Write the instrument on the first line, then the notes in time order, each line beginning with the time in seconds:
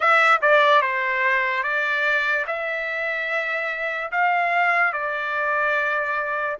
trumpet
0.00 E5
0.41 D5
0.81 C5
1.63 D5
2.47 E5
4.11 F5
4.92 D5